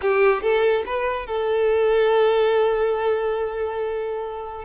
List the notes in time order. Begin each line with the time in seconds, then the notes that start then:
0.01 G4
0.42 A4
0.86 B4
1.26 A4